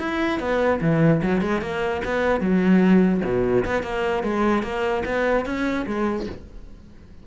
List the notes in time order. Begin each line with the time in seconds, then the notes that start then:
0.00 E4
0.40 B3
0.82 E3
1.23 F#3
1.42 G#3
1.62 A#3
2.05 B3
2.41 F#3
3.25 B2
3.66 B3
3.83 A#3
4.24 G#3
4.63 A#3
5.06 B3
5.46 C#4
5.87 G#3